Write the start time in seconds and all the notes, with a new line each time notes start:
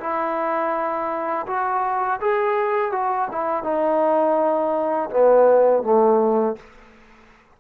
0.00 E4
1.47 F#4
2.21 G#4
2.92 F#4
3.31 E4
3.63 D#4
5.10 B3
5.83 A3